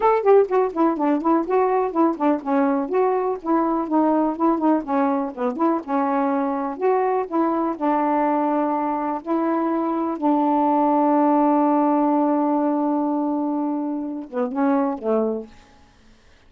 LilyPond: \new Staff \with { instrumentName = "saxophone" } { \time 4/4 \tempo 4 = 124 a'8 g'8 fis'8 e'8 d'8 e'8 fis'4 | e'8 d'8 cis'4 fis'4 e'4 | dis'4 e'8 dis'8 cis'4 b8 e'8 | cis'2 fis'4 e'4 |
d'2. e'4~ | e'4 d'2.~ | d'1~ | d'4. b8 cis'4 a4 | }